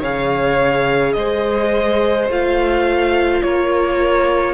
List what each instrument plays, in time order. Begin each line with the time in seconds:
0.00 cello C#3, viola G#4, violin C#5 F5
1.13 cello G#3, violin C5 D#5
2.29 cello A3, viola F4, violin F5
3.42 cello A#3, violin A#4 C#5